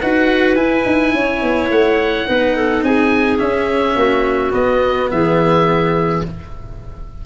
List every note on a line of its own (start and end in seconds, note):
0.00 0.56 D#4
0.00 0.56 F#4
0.00 1.14 B4
0.00 0.55 F#5
0.55 0.84 E4
0.55 2.26 E4
0.55 1.69 G#5
0.86 1.14 D#4
1.14 1.42 C#4
1.14 2.28 C#5
1.42 1.70 B3
1.70 2.26 A3
1.70 2.84 F#5
2.27 2.83 B3
2.27 3.38 D#4
2.27 2.56 B4
2.56 2.84 A4
2.83 3.39 C4
2.83 3.96 G#4
2.83 3.39 G#5
3.38 4.51 C#4
3.38 3.95 C#4
3.38 4.52 E5
3.95 4.52 A#3
3.95 5.09 F#4
4.51 6.21 B3
4.51 5.10 B3
4.51 5.10 D#5
5.10 6.25 E3
5.10 6.26 G#4
5.10 6.23 E5